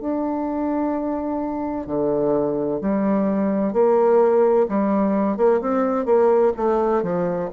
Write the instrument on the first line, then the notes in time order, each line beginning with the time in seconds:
bassoon
0.00 D4
1.87 D3
2.81 G3
3.73 A#3
4.68 G3
5.37 A#3
5.61 C4
6.05 A#3
6.57 A3
7.03 F3